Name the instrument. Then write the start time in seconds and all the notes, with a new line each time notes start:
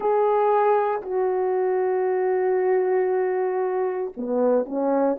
horn
0.00 G#4
1.02 F#4
4.17 B3
4.65 C#4